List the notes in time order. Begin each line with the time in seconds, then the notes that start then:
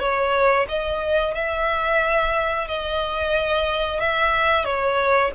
0.00 C#5
0.68 D#5
1.35 E5
2.68 D#5
4.00 E5
4.65 C#5